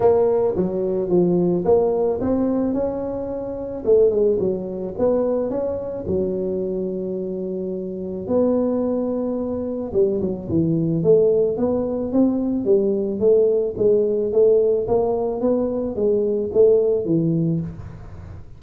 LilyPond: \new Staff \with { instrumentName = "tuba" } { \time 4/4 \tempo 4 = 109 ais4 fis4 f4 ais4 | c'4 cis'2 a8 gis8 | fis4 b4 cis'4 fis4~ | fis2. b4~ |
b2 g8 fis8 e4 | a4 b4 c'4 g4 | a4 gis4 a4 ais4 | b4 gis4 a4 e4 | }